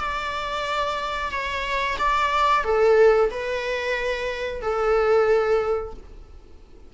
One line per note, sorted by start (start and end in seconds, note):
0.00 1.31 D5
1.31 1.97 C#5
1.99 2.64 D5
2.64 3.30 A4
3.31 4.62 B4
4.62 5.94 A4